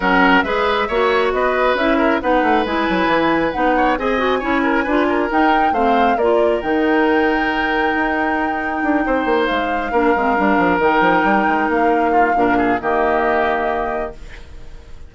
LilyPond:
<<
  \new Staff \with { instrumentName = "flute" } { \time 4/4 \tempo 4 = 136 fis''4 e''2 dis''4 | e''4 fis''4 gis''2 | fis''4 gis''2. | g''4 f''4 d''4 g''4~ |
g''1~ | g''4. f''2~ f''8~ | f''8 g''2 f''4.~ | f''4 dis''2. | }
  \new Staff \with { instrumentName = "oboe" } { \time 4/4 ais'4 b'4 cis''4 b'4~ | b'8 ais'8 b'2.~ | b'8 cis''8 dis''4 cis''8 ais'8 b'8 ais'8~ | ais'4 c''4 ais'2~ |
ais'1~ | ais'8 c''2 ais'4.~ | ais'2.~ ais'8 f'8 | ais'8 gis'8 g'2. | }
  \new Staff \with { instrumentName = "clarinet" } { \time 4/4 cis'4 gis'4 fis'2 | e'4 dis'4 e'2 | dis'4 gis'8 fis'8 e'4 f'4 | dis'4 c'4 f'4 dis'4~ |
dis'1~ | dis'2~ dis'8 d'8 c'8 d'8~ | d'8 dis'2.~ dis'8 | d'4 ais2. | }
  \new Staff \with { instrumentName = "bassoon" } { \time 4/4 fis4 gis4 ais4 b4 | cis'4 b8 a8 gis8 fis8 e4 | b4 c'4 cis'4 d'4 | dis'4 a4 ais4 dis4~ |
dis2 dis'2 | d'8 c'8 ais8 gis4 ais8 gis8 g8 | f8 dis8 f8 g8 gis8 ais4. | ais,4 dis2. | }
>>